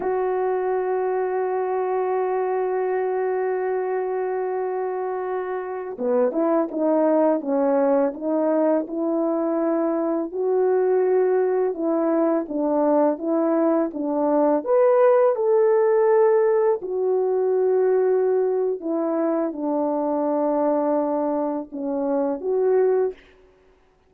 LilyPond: \new Staff \with { instrumentName = "horn" } { \time 4/4 \tempo 4 = 83 fis'1~ | fis'1~ | fis'16 b8 e'8 dis'4 cis'4 dis'8.~ | dis'16 e'2 fis'4.~ fis'16~ |
fis'16 e'4 d'4 e'4 d'8.~ | d'16 b'4 a'2 fis'8.~ | fis'2 e'4 d'4~ | d'2 cis'4 fis'4 | }